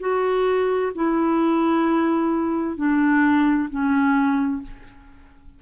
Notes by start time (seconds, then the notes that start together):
0.00 F#4
0.95 E4
2.77 D4
3.70 C#4